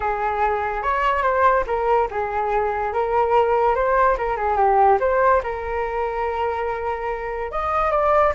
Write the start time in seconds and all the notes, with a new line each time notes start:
0.00 G#4
0.82 C#5
1.22 C5
1.66 A#4
2.10 G#4
2.93 A#4
3.75 C5
4.17 A#4
4.36 G#4
4.56 G4
5.00 C5
5.43 A#4
7.51 D#5
7.91 D5